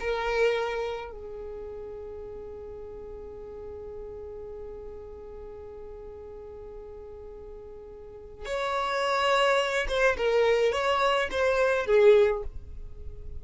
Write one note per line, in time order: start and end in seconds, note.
0.00 1.12 A#4
1.12 8.45 G#4
8.45 9.87 C#5
9.89 10.17 C5
10.17 10.73 A#4
10.73 11.29 C#5
11.31 11.87 C5
11.87 12.43 G#4